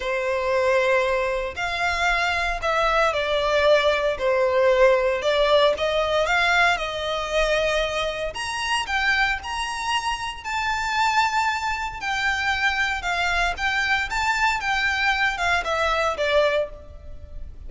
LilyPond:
\new Staff \with { instrumentName = "violin" } { \time 4/4 \tempo 4 = 115 c''2. f''4~ | f''4 e''4 d''2 | c''2 d''4 dis''4 | f''4 dis''2. |
ais''4 g''4 ais''2 | a''2. g''4~ | g''4 f''4 g''4 a''4 | g''4. f''8 e''4 d''4 | }